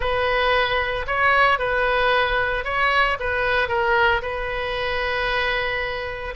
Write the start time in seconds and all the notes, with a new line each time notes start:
0.00 B4
1.06 C#5
1.58 B4
2.64 C#5
3.19 B4
3.68 A#4
4.22 B4